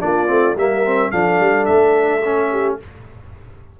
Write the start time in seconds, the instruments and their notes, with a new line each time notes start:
0.00 tuba A#3, trombone D4, horn F4, trumpet D5
0.27 tuba A3, trombone C4
0.56 tuba G3, trombone A#3, horn A#4, trumpet E5
0.85 trombone C4
1.11 tuba F3, trombone D4, horn A4, trumpet F5
1.40 tuba G3
1.66 tuba A3, trumpet E5
2.25 trombone C#4
2.51 horn G4